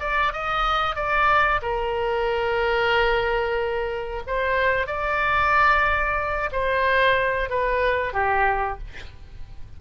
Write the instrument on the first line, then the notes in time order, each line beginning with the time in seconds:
oboe
0.00 D5
0.33 D#5
0.95 D5
1.62 A#4
4.27 C5
4.87 D5
6.52 C5
7.49 B4
8.13 G4